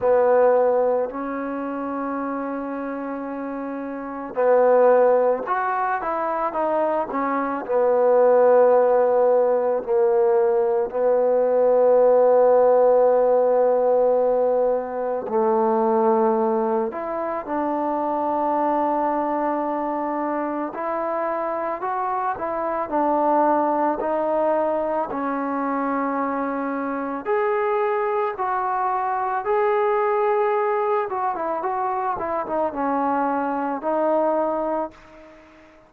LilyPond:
\new Staff \with { instrumentName = "trombone" } { \time 4/4 \tempo 4 = 55 b4 cis'2. | b4 fis'8 e'8 dis'8 cis'8 b4~ | b4 ais4 b2~ | b2 a4. e'8 |
d'2. e'4 | fis'8 e'8 d'4 dis'4 cis'4~ | cis'4 gis'4 fis'4 gis'4~ | gis'8 fis'16 e'16 fis'8 e'16 dis'16 cis'4 dis'4 | }